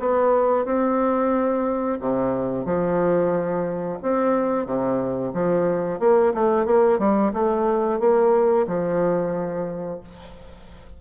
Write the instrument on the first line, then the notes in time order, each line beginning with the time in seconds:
bassoon
0.00 B3
0.65 C4
2.00 C3
2.65 F3
4.03 C4
4.66 C3
5.34 F3
6.00 A#3
6.34 A3
6.66 A#3
6.99 G3
7.33 A3
8.00 A#3
8.67 F3